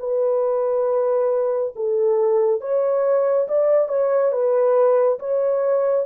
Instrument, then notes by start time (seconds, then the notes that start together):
horn
0.00 B4
1.76 A4
2.61 C#5
3.49 D5
3.89 C#5
4.32 B4
5.20 C#5